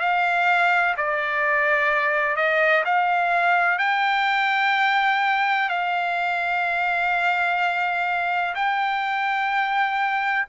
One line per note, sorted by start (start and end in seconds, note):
0.00 0.95 F5
0.97 2.37 D5
2.37 2.84 D#5
2.85 3.79 F5
3.79 5.69 G5
5.69 8.55 F5
8.55 10.46 G5